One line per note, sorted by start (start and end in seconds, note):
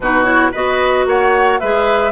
0.00 0.51 B2
0.00 0.25 D#4
0.00 0.51 F#4
0.00 0.23 B4
0.23 0.51 E4
0.23 0.50 C#5
0.51 1.06 B3
0.51 1.60 F#4
0.51 1.04 B4
0.51 1.06 D#5
1.06 1.59 A#3
1.06 1.59 C#5
1.06 1.59 F#5
1.59 2.11 G#3
1.59 2.11 G#4
1.59 2.11 B4
1.59 2.11 E5